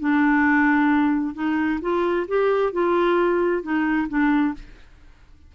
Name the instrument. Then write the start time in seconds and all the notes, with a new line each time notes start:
clarinet
0.00 D4
1.35 D#4
1.82 F4
2.28 G4
2.73 F4
3.63 D#4
4.09 D4